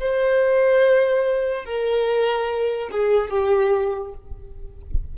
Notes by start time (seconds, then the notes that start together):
0.00 C5
1.65 A#4
2.92 G#4
3.30 G4